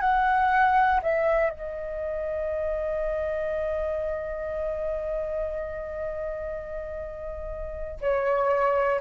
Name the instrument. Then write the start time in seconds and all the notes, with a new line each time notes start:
flute
0.00 F#5
1.02 E5
1.50 D#5
8.00 C#5